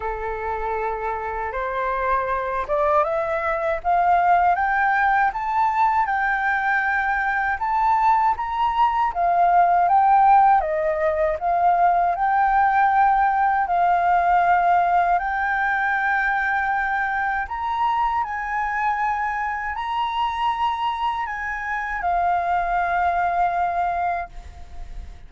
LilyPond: \new Staff \with { instrumentName = "flute" } { \time 4/4 \tempo 4 = 79 a'2 c''4. d''8 | e''4 f''4 g''4 a''4 | g''2 a''4 ais''4 | f''4 g''4 dis''4 f''4 |
g''2 f''2 | g''2. ais''4 | gis''2 ais''2 | gis''4 f''2. | }